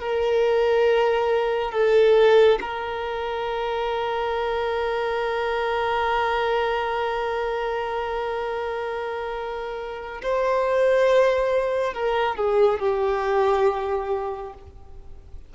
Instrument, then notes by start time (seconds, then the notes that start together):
violin
0.00 A#4
1.72 A4
2.61 A#4
10.22 C5
11.94 A#4
12.36 G#4
12.79 G4